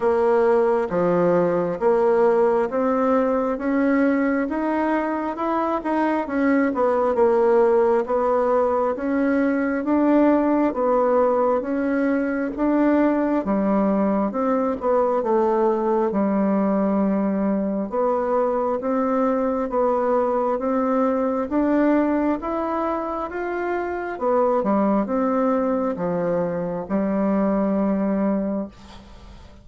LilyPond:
\new Staff \with { instrumentName = "bassoon" } { \time 4/4 \tempo 4 = 67 ais4 f4 ais4 c'4 | cis'4 dis'4 e'8 dis'8 cis'8 b8 | ais4 b4 cis'4 d'4 | b4 cis'4 d'4 g4 |
c'8 b8 a4 g2 | b4 c'4 b4 c'4 | d'4 e'4 f'4 b8 g8 | c'4 f4 g2 | }